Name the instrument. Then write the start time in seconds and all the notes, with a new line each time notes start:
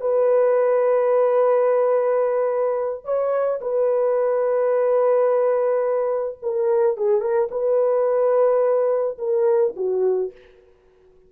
horn
0.00 B4
3.04 C#5
3.61 B4
6.42 A#4
6.97 G#4
7.20 A#4
7.51 B4
9.18 A#4
9.76 F#4